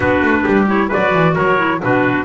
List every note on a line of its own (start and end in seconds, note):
0.00 0.22 B3
0.00 0.67 D4
0.00 0.42 F#4
0.00 0.68 B4
0.22 0.44 A3
0.43 0.92 G3
0.43 0.88 G4
0.67 0.90 E4
0.67 0.91 C#5
0.88 1.57 F#4
0.88 1.33 B4
0.88 1.36 D5
0.94 1.13 F#3
1.13 1.36 E3
1.34 1.83 F#3
1.34 1.80 A#4
1.34 1.82 C#5
1.57 1.80 E4
1.80 2.25 B2
1.80 2.25 D4
1.80 2.25 F#4
1.80 2.25 B4